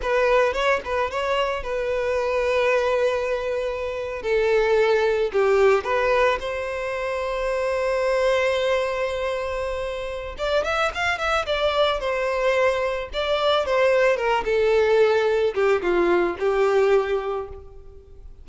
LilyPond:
\new Staff \with { instrumentName = "violin" } { \time 4/4 \tempo 4 = 110 b'4 cis''8 b'8 cis''4 b'4~ | b'2.~ b'8. a'16~ | a'4.~ a'16 g'4 b'4 c''16~ | c''1~ |
c''2. d''8 e''8 | f''8 e''8 d''4 c''2 | d''4 c''4 ais'8 a'4.~ | a'8 g'8 f'4 g'2 | }